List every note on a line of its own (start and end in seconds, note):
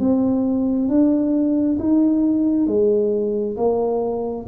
0.00 0.89 C4
0.89 1.78 D4
1.80 2.67 D#4
2.67 3.57 G#3
3.57 4.47 A#3